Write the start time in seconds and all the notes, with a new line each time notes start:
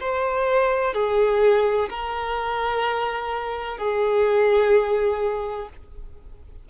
0.00 C5
0.94 G#4
1.89 A#4
3.78 G#4